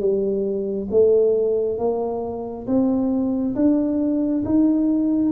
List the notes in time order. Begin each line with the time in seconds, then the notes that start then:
0.00 G3
0.90 A3
1.78 A#3
2.67 C4
3.55 D4
4.45 D#4